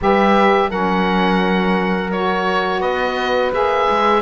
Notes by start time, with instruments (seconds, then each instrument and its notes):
0.01 cello G3, saxophone G4, horn B4, oboe E5
0.69 cello F#3, saxophone C#4, horn A#4, oboe F#5
2.11 saxophone F#4, oboe C#5
2.80 cello B3, horn B4, oboe D#5
3.52 cello A#3, saxophone G#4, oboe E5
3.89 cello G#3